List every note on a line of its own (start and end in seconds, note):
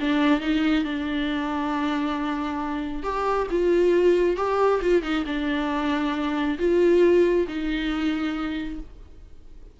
0.00 0.40 D4
0.40 0.84 D#4
0.84 3.03 D4
3.03 3.47 G4
3.51 4.37 F4
4.37 4.81 G4
4.81 5.02 F4
5.02 5.24 D#4
5.26 6.58 D4
6.59 7.47 F4
7.48 8.80 D#4